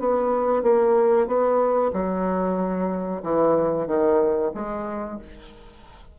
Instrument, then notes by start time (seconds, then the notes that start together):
bassoon
0.00 B3
0.63 A#3
1.28 B3
1.94 F#3
3.23 E3
3.87 D#3
4.55 G#3